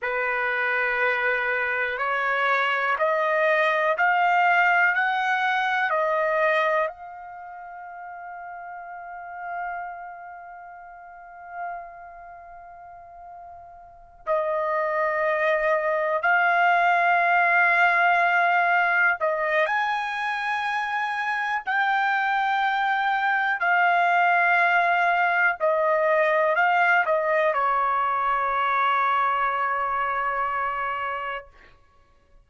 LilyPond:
\new Staff \with { instrumentName = "trumpet" } { \time 4/4 \tempo 4 = 61 b'2 cis''4 dis''4 | f''4 fis''4 dis''4 f''4~ | f''1~ | f''2~ f''8 dis''4.~ |
dis''8 f''2. dis''8 | gis''2 g''2 | f''2 dis''4 f''8 dis''8 | cis''1 | }